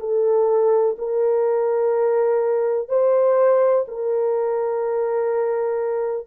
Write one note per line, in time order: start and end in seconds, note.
0.00 0.97 A4
0.99 2.89 A#4
2.89 3.86 C5
3.88 6.27 A#4